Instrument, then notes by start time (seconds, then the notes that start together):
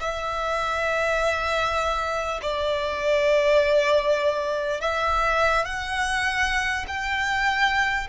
violin
0.00 E5
2.42 D5
4.81 E5
5.65 F#5
6.88 G5